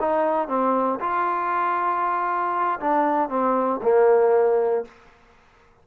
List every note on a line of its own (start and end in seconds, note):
0.00 0.48 D#4
0.48 1.00 C4
1.00 2.79 F4
2.80 3.29 D4
3.29 3.81 C4
3.82 4.85 A#3